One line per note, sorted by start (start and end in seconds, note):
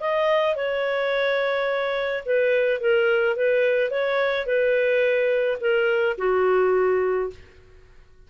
0.00 0.56 D#5
0.56 2.24 C#5
2.25 2.80 B4
2.80 3.36 A#4
3.36 3.90 B4
3.90 4.46 C#5
4.46 5.58 B4
5.60 6.16 A#4
6.18 7.30 F#4